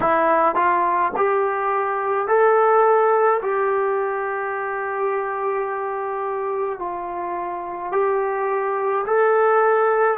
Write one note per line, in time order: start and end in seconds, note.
0.00 0.55 E4
0.55 1.11 F4
1.16 2.27 G4
2.27 3.40 A4
3.42 6.78 G4
6.78 7.91 F4
7.92 9.05 G4
9.06 10.18 A4